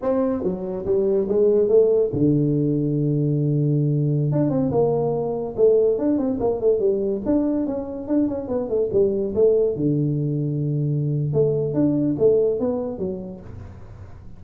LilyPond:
\new Staff \with { instrumentName = "tuba" } { \time 4/4 \tempo 4 = 143 c'4 fis4 g4 gis4 | a4 d2.~ | d2~ d16 d'8 c'8 ais8.~ | ais4~ ais16 a4 d'8 c'8 ais8 a16~ |
a16 g4 d'4 cis'4 d'8 cis'16~ | cis'16 b8 a8 g4 a4 d8.~ | d2. a4 | d'4 a4 b4 fis4 | }